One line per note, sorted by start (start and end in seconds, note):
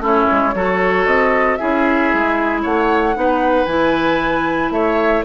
0.00 0.26 A3
0.00 0.54 C#4
0.00 0.55 E4
0.06 1.07 C#5
0.31 0.54 G#3
0.54 1.06 F#3
0.54 1.59 F#4
0.54 1.59 A4
1.06 1.58 C4
1.06 1.56 D#5
1.56 3.14 E4
1.56 2.62 G#4
1.56 2.60 E5
1.62 2.13 C#4
2.13 2.65 G#3
2.62 3.16 A3
2.62 3.15 C#5
2.62 3.66 F#5
3.14 3.66 B3
3.14 3.66 D#4
3.14 4.74 B4
3.66 4.70 E3
3.66 5.25 E4
3.66 4.70 G#5
4.71 5.23 A3
4.71 5.25 C#5
4.71 5.23 E5